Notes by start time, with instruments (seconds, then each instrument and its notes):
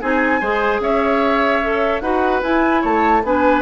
0.00 bassoon C4, clarinet D#4, oboe G#4, flute G#5
0.40 bassoon G#3, clarinet G#4, oboe C5
0.79 bassoon C#4, oboe C#5, flute E5
1.63 clarinet A4
2.00 bassoon D#4, clarinet F#4, oboe B4, flute F#5
2.42 clarinet E4, bassoon E4, flute G#5
2.81 bassoon A3, oboe C#5, flute A5
3.23 bassoon B3, clarinet D4, oboe B4, flute G#5